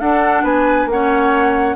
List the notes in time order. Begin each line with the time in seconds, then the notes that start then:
0.00 D4 A4 F#5
0.43 B3 B4 G#5
0.86 A#3 C#4 F#5
0.92 C#5